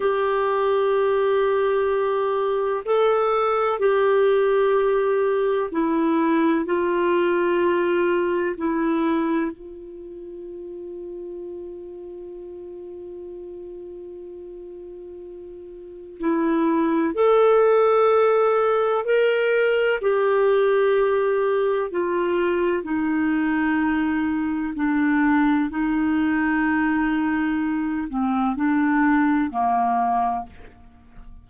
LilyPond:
\new Staff \with { instrumentName = "clarinet" } { \time 4/4 \tempo 4 = 63 g'2. a'4 | g'2 e'4 f'4~ | f'4 e'4 f'2~ | f'1~ |
f'4 e'4 a'2 | ais'4 g'2 f'4 | dis'2 d'4 dis'4~ | dis'4. c'8 d'4 ais4 | }